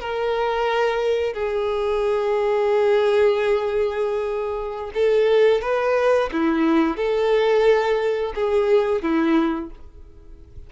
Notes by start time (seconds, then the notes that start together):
0.00 A#4
1.33 G#4
4.94 A4
5.61 B4
6.32 E4
6.96 A4
8.35 G#4
9.02 E4